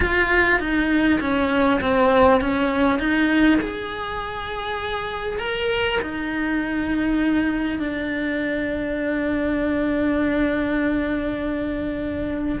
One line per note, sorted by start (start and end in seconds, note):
0.00 0.59 F4
0.59 1.19 D#4
1.20 1.80 C#4
1.80 2.40 C4
2.40 2.99 C#4
2.99 3.59 D#4
3.61 5.39 G#4
5.39 5.99 A#4
6.01 7.79 D#4
7.79 12.59 D4